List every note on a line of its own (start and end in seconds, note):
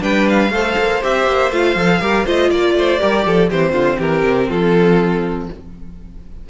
0.00 0.51 G3
0.00 0.50 D4
0.00 0.52 B4
0.00 0.28 G5
0.29 1.03 F5
0.51 0.76 A3
0.51 1.02 A4
0.51 2.01 C5
0.78 1.03 A#3
1.02 1.27 C4
1.02 1.51 G4
1.02 1.52 E5
1.27 1.51 A#3
1.51 1.76 A3
1.51 1.77 F4
1.51 2.26 F5
1.76 2.00 F3
1.76 2.02 A4
2.01 2.26 G3
2.01 2.26 G4
2.01 2.26 A#4
2.26 2.51 A3
2.26 2.99 F4
2.26 2.50 C5
2.26 2.51 D#5
2.50 2.75 A#3
2.50 2.75 D5
2.50 3.50 D5
2.75 3.00 A3
2.75 3.00 C5
2.99 3.26 G3
2.99 3.48 G4
2.99 3.25 A#4
3.26 3.51 F3
3.26 3.51 A4
3.51 3.73 E3
3.51 5.50 C4
3.51 3.72 G4
3.51 4.00 C5
3.72 3.98 D3
3.72 3.97 F4
3.98 4.24 E3
3.98 4.48 G4
3.98 4.50 A#4
4.24 4.49 C3
4.49 5.49 F3
4.49 5.48 F4
4.49 5.49 A4